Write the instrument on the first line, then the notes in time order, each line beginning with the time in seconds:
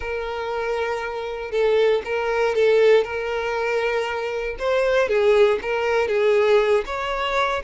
violin
0.00 A#4
1.51 A4
2.04 A#4
2.55 A4
3.04 A#4
4.59 C5
5.08 G#4
5.62 A#4
6.08 G#4
6.86 C#5